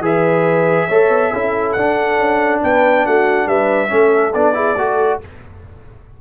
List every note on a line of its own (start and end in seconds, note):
0.00 0.86 E3
0.00 0.88 G#4
0.00 0.88 B4
0.00 1.73 E5
0.88 1.09 A3
0.88 1.34 A4
0.88 1.31 C#5
1.09 1.31 B3
1.33 1.76 C#4
1.33 1.78 E4
1.33 2.62 A4
1.73 2.18 D4
1.73 3.89 D4
1.73 2.59 F#5
2.18 2.61 C#4
2.63 3.07 B3
2.63 3.06 B4
2.63 3.06 G5
3.06 3.47 A3
3.06 3.47 F#4
3.06 3.48 F#5
3.47 3.90 G3
3.47 3.90 B4
3.47 4.34 E5
3.89 4.35 A3
3.89 4.32 C#4
3.89 4.56 A4
4.34 4.77 B3
4.34 4.54 D4
4.34 5.21 D5
4.54 4.76 E4
4.54 4.77 G#4
4.77 5.20 A3
4.77 5.21 F#4
4.77 5.20 A4